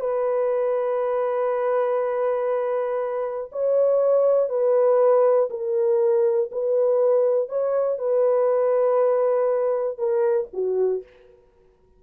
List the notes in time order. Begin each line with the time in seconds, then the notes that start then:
0.00 B4
3.52 C#5
4.49 B4
5.50 A#4
6.52 B4
7.48 C#5
7.98 B4
9.98 A#4
10.53 F#4